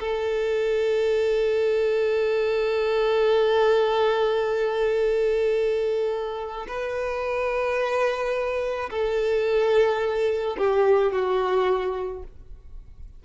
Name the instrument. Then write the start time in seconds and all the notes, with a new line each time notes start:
violin
0.00 A4
6.68 B4
8.90 A4
10.58 G4
11.12 F#4